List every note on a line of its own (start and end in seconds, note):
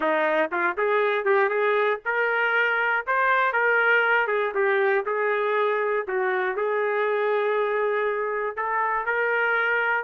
0.00 0.50 D#4
0.51 0.77 F4
0.77 1.25 G#4
1.25 1.49 G4
1.49 1.99 G#4
2.05 3.05 A#4
3.06 3.52 C5
3.52 4.27 A#4
4.27 4.52 G#4
4.54 5.04 G4
5.05 6.06 G#4
6.07 6.56 F#4
6.56 8.56 G#4
8.56 9.05 A4
9.05 10.04 A#4